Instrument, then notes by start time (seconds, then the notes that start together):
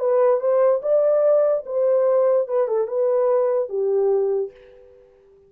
horn
0.00 B4
0.41 C5
0.83 D5
1.66 C5
2.48 B4
2.68 A4
2.88 B4
3.69 G4